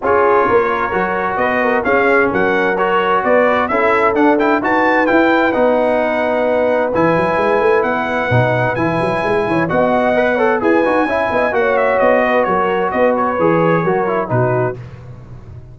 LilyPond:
<<
  \new Staff \with { instrumentName = "trumpet" } { \time 4/4 \tempo 4 = 130 cis''2. dis''4 | f''4 fis''4 cis''4 d''4 | e''4 fis''8 g''8 a''4 g''4 | fis''2. gis''4~ |
gis''4 fis''2 gis''4~ | gis''4 fis''2 gis''4~ | gis''4 fis''8 e''8 dis''4 cis''4 | dis''8 cis''2~ cis''8 b'4 | }
  \new Staff \with { instrumentName = "horn" } { \time 4/4 gis'4 ais'2 b'8 ais'8 | gis'4 ais'2 b'4 | a'2 b'2~ | b'1~ |
b'1~ | b'8 cis''8 dis''4. cis''8 b'4 | e''8 dis''8 cis''4. b'8 ais'4 | b'2 ais'4 fis'4 | }
  \new Staff \with { instrumentName = "trombone" } { \time 4/4 f'2 fis'2 | cis'2 fis'2 | e'4 d'8 e'8 fis'4 e'4 | dis'2. e'4~ |
e'2 dis'4 e'4~ | e'4 fis'4 b'8 a'8 gis'8 fis'8 | e'4 fis'2.~ | fis'4 gis'4 fis'8 e'8 dis'4 | }
  \new Staff \with { instrumentName = "tuba" } { \time 4/4 cis'4 ais4 fis4 b4 | cis'4 fis2 b4 | cis'4 d'4 dis'4 e'4 | b2. e8 fis8 |
gis8 a8 b4 b,4 e8 fis8 | gis8 e8 b2 e'8 dis'8 | cis'8 b8 ais4 b4 fis4 | b4 e4 fis4 b,4 | }
>>